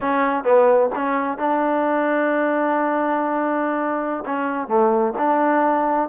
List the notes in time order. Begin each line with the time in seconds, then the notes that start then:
0.01 C#4
0.44 B3
0.95 C#4
1.38 D4
4.25 C#4
4.67 A3
5.18 D4